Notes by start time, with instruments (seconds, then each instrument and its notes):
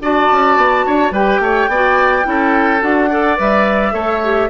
0.00 bassoon D4, clarinet F#4, oboe D5, flute A5
0.31 bassoon C#4
0.57 bassoon B3
0.86 bassoon D4, oboe C#5
1.11 bassoon G3, clarinet G4, oboe B4, flute G5
1.39 bassoon A3, oboe C#5
1.68 bassoon B3, clarinet F#4, oboe D5
2.23 bassoon C#4, clarinet E4
2.29 oboe A4
2.80 bassoon D4, clarinet F#4, flute F#5
3.09 clarinet A4, oboe D5
3.36 bassoon G3, clarinet B4, flute E5
3.91 bassoon A3, clarinet A4, oboe C#5
4.23 clarinet G4